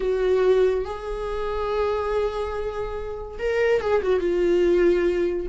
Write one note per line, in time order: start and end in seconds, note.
0.00 0.85 F#4
0.85 3.38 G#4
3.38 3.80 A#4
3.80 4.02 G#4
4.02 4.20 F#4
4.20 5.46 F4